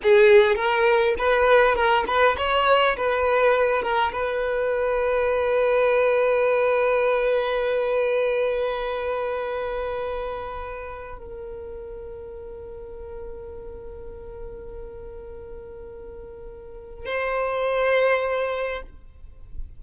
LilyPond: \new Staff \with { instrumentName = "violin" } { \time 4/4 \tempo 4 = 102 gis'4 ais'4 b'4 ais'8 b'8 | cis''4 b'4. ais'8 b'4~ | b'1~ | b'1~ |
b'2. ais'4~ | ais'1~ | ais'1~ | ais'4 c''2. | }